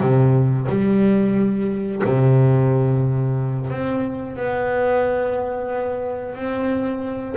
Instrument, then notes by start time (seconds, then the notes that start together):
double bass
0.00 C3
0.69 G3
2.04 C3
3.70 C4
4.36 B3
6.35 C4